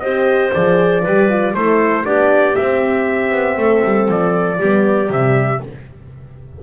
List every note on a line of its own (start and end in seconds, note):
0.00 0.53 C4
0.00 0.53 G4
0.00 1.02 C5
0.00 0.51 D#5
0.54 1.06 F3
0.54 1.05 G#4
0.54 1.55 D5
1.02 1.54 G3
1.02 1.30 G4
1.02 1.53 B4
1.30 1.55 F4
1.54 2.05 A3
1.54 2.04 E4
1.54 2.05 A4
1.54 2.06 C5
2.04 2.56 B3
2.04 2.55 D4
2.04 3.58 G4
2.04 2.56 D5
2.55 4.58 C4
2.55 3.31 C4
2.55 4.08 E5
3.31 3.57 B3
3.57 3.83 A3
3.57 4.59 A4
3.85 4.09 G3
4.09 4.60 F3
4.09 5.12 D5
4.59 5.10 G3
4.59 5.09 B3
4.59 5.60 G4
5.09 5.61 C3
5.09 5.60 G3
5.09 5.63 E5